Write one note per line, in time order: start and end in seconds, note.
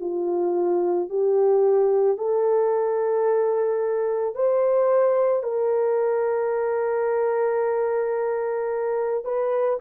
0.00 1.09 F4
1.10 2.17 G4
2.17 4.35 A4
4.35 5.43 C5
5.43 9.25 A#4
9.25 9.79 B4